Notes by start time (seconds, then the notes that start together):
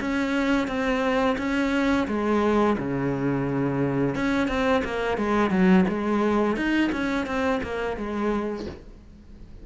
0.00 C#4
0.67 C4
1.38 C#4
2.08 G#3
2.78 C#3
4.15 C#4
4.48 C4
4.84 A#3
5.18 G#3
5.50 F#3
5.88 G#3
6.56 D#4
6.92 C#4
7.26 C4
7.63 A#3
7.97 G#3